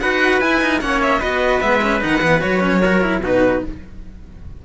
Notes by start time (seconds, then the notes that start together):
0.00 D#4 F#4 B4 F#5
0.40 E4 G#5
0.61 D#4
0.81 A#3 C#4 C#5 F#5
1.02 E5
1.20 B3 F#4 B4 D#5
1.60 G#3 B3 E5
1.82 C#4
2.01 D#3 D#4 F#5
2.22 E3 B3
2.41 F#3 F#4 C#5
2.60 C#4
2.82 F#4 A#4
3.01 E4
3.20 B2 D#4 F#4 B4